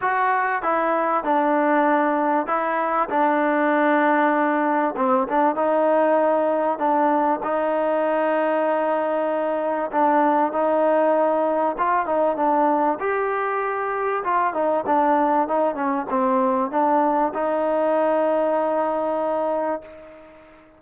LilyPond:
\new Staff \with { instrumentName = "trombone" } { \time 4/4 \tempo 4 = 97 fis'4 e'4 d'2 | e'4 d'2. | c'8 d'8 dis'2 d'4 | dis'1 |
d'4 dis'2 f'8 dis'8 | d'4 g'2 f'8 dis'8 | d'4 dis'8 cis'8 c'4 d'4 | dis'1 | }